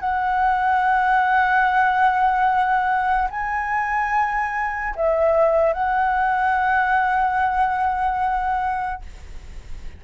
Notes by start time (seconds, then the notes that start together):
0.00 F#5
3.30 G#5
4.95 E5
5.73 F#5